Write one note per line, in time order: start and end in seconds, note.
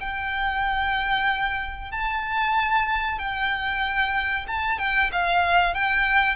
0.00 1.91 G5
1.91 3.18 A5
3.18 4.46 G5
4.47 4.78 A5
4.78 5.10 G5
5.12 5.74 F5
5.74 6.36 G5